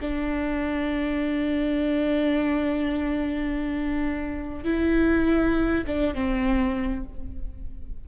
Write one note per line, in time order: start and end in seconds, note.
0.00 4.64 D4
4.64 5.84 E4
5.86 6.14 D4
6.14 7.04 C4